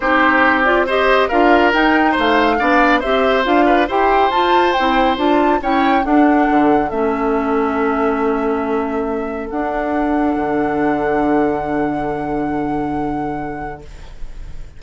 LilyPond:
<<
  \new Staff \with { instrumentName = "flute" } { \time 4/4 \tempo 4 = 139 c''4. d''8 dis''4 f''4 | g''4 f''2 e''4 | f''4 g''4 a''4 g''4 | a''4 g''4 fis''2 |
e''1~ | e''2 fis''2~ | fis''1~ | fis''1 | }
  \new Staff \with { instrumentName = "oboe" } { \time 4/4 g'2 c''4 ais'4~ | ais'4 c''4 d''4 c''4~ | c''8 b'8 c''2.~ | c''4 cis''4 a'2~ |
a'1~ | a'1~ | a'1~ | a'1 | }
  \new Staff \with { instrumentName = "clarinet" } { \time 4/4 dis'4. f'8 g'4 f'4 | dis'2 d'4 g'4 | f'4 g'4 f'4 e'4 | f'4 e'4 d'2 |
cis'1~ | cis'2 d'2~ | d'1~ | d'1 | }
  \new Staff \with { instrumentName = "bassoon" } { \time 4/4 c'2. d'4 | dis'4 a4 b4 c'4 | d'4 e'4 f'4 c'4 | d'4 cis'4 d'4 d4 |
a1~ | a2 d'2 | d1~ | d1 | }
>>